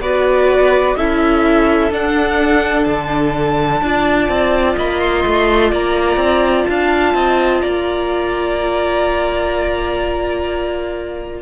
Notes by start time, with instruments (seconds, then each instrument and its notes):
0.00 cello B3, viola F#4, violin B4 D5
0.95 cello C#4, viola E4, violin A4 E5
1.91 cello D4, viola D4, violin F#5
2.84 cello D3, violin A5
3.81 cello D4, viola F4, violin D5
4.28 cello C4
4.77 cello A#3, violin D#5 B5
4.99 violin C6
5.25 cello A3
5.71 cello A#3, violin D5 A#5
6.17 cello C4
6.66 cello D4, violin F5 A5
7.14 cello C4, violin D#5
7.61 cello A#3, violin D5 A#5